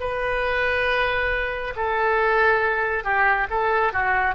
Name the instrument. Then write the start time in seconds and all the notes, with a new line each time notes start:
oboe
0.00 B4
1.76 A4
3.04 G4
3.50 A4
3.93 F#4